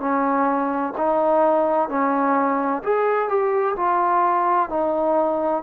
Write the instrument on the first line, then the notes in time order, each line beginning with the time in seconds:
trombone
0.00 C#4
0.98 D#4
1.89 C#4
2.83 G#4
3.29 G4
3.77 F4
4.70 D#4